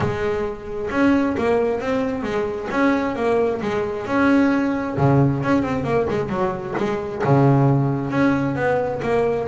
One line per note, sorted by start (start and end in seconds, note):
0.00 0.89 G#3
0.90 1.35 C#4
1.37 1.80 A#3
1.80 2.22 C4
2.22 2.67 G#3
2.70 3.15 C#4
3.15 3.60 A#3
3.61 4.06 G#3
4.06 4.96 C#4
4.97 5.42 C#3
5.43 5.62 C#4
5.62 5.84 C4
5.84 6.06 A#3
6.09 6.29 G#3
6.29 6.74 F#3
6.77 7.22 G#3
7.24 8.10 C#3
8.10 8.55 C#4
8.55 9.00 B3
9.02 9.47 A#3